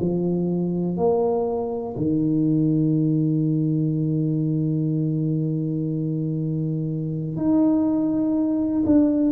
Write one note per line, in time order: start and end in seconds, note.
0.00 0.97 F3
0.97 1.95 A#3
1.96 7.36 D#3
7.36 8.84 D#4
8.86 9.32 D4